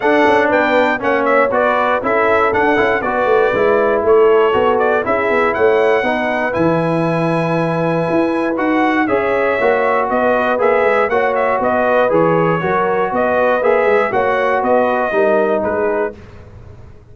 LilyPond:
<<
  \new Staff \with { instrumentName = "trumpet" } { \time 4/4 \tempo 4 = 119 fis''4 g''4 fis''8 e''8 d''4 | e''4 fis''4 d''2 | cis''4. d''8 e''4 fis''4~ | fis''4 gis''2.~ |
gis''4 fis''4 e''2 | dis''4 e''4 fis''8 e''8 dis''4 | cis''2 dis''4 e''4 | fis''4 dis''2 b'4 | }
  \new Staff \with { instrumentName = "horn" } { \time 4/4 a'4 b'4 cis''4 b'4 | a'2 b'2 | a'2 gis'4 cis''4 | b'1~ |
b'2 cis''2 | b'2 cis''4 b'4~ | b'4 ais'4 b'2 | cis''4 b'4 ais'4 gis'4 | }
  \new Staff \with { instrumentName = "trombone" } { \time 4/4 d'2 cis'4 fis'4 | e'4 d'8 e'8 fis'4 e'4~ | e'4 fis'4 e'2 | dis'4 e'2.~ |
e'4 fis'4 gis'4 fis'4~ | fis'4 gis'4 fis'2 | gis'4 fis'2 gis'4 | fis'2 dis'2 | }
  \new Staff \with { instrumentName = "tuba" } { \time 4/4 d'8 cis'8 b4 ais4 b4 | cis'4 d'8 cis'8 b8 a8 gis4 | a4 b4 cis'8 b8 a4 | b4 e2. |
e'4 dis'4 cis'4 ais4 | b4 ais8 gis8 ais4 b4 | e4 fis4 b4 ais8 gis8 | ais4 b4 g4 gis4 | }
>>